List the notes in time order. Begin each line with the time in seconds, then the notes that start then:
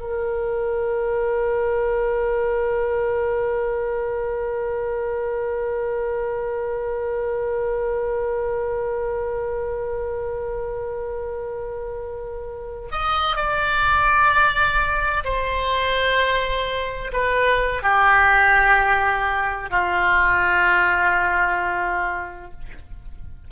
0.00 A#4
12.92 D#5
13.37 D5
15.24 C5
17.13 B4
17.83 G4
19.70 F4